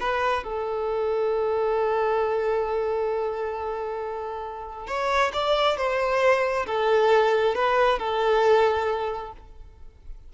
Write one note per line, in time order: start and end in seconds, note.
0.00 0.44 B4
0.44 4.87 A4
4.87 5.32 C#5
5.33 5.77 D5
5.77 6.66 C5
6.66 7.55 A4
7.55 7.99 B4
7.99 9.32 A4